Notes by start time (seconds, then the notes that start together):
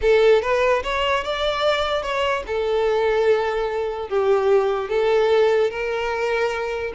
0.01 A4
0.42 B4
0.83 C#5
1.24 D5
2.02 C#5
2.47 A4
4.09 G4
4.89 A4
5.70 A#4